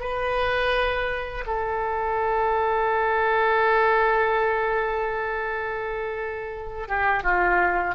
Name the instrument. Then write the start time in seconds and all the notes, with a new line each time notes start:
oboe
0.00 B4
1.47 A4
6.88 G4
7.23 F4